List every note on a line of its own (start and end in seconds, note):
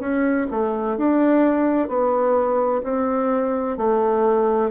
0.00 0.46 C#4
0.51 0.97 A3
0.97 1.88 D4
1.88 2.82 B3
2.83 3.77 C4
3.77 4.71 A3